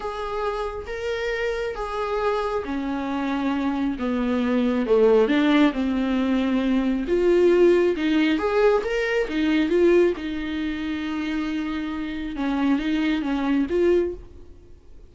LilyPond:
\new Staff \with { instrumentName = "viola" } { \time 4/4 \tempo 4 = 136 gis'2 ais'2 | gis'2 cis'2~ | cis'4 b2 a4 | d'4 c'2. |
f'2 dis'4 gis'4 | ais'4 dis'4 f'4 dis'4~ | dis'1 | cis'4 dis'4 cis'4 f'4 | }